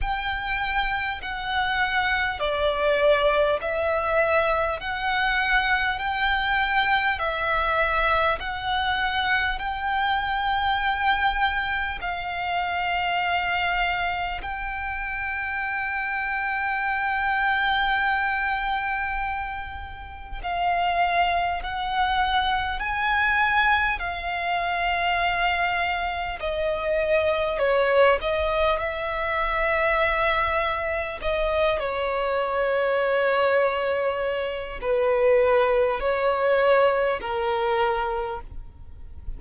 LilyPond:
\new Staff \with { instrumentName = "violin" } { \time 4/4 \tempo 4 = 50 g''4 fis''4 d''4 e''4 | fis''4 g''4 e''4 fis''4 | g''2 f''2 | g''1~ |
g''4 f''4 fis''4 gis''4 | f''2 dis''4 cis''8 dis''8 | e''2 dis''8 cis''4.~ | cis''4 b'4 cis''4 ais'4 | }